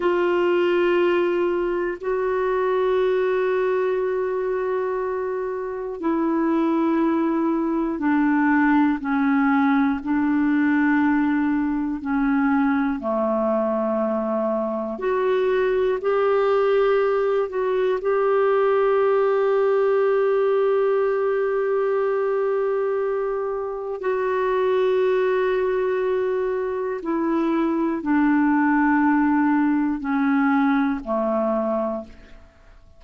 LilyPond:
\new Staff \with { instrumentName = "clarinet" } { \time 4/4 \tempo 4 = 60 f'2 fis'2~ | fis'2 e'2 | d'4 cis'4 d'2 | cis'4 a2 fis'4 |
g'4. fis'8 g'2~ | g'1 | fis'2. e'4 | d'2 cis'4 a4 | }